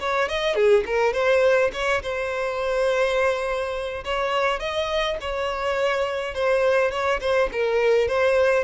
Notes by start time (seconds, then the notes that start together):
0.00 C#5
0.29 D#5
0.55 G#4
0.86 A#4
1.13 C5
1.73 C#5
2.02 C5
4.04 C#5
4.59 D#5
5.21 C#5
6.34 C5
6.91 C#5
7.21 C5
7.52 A#4
8.08 C5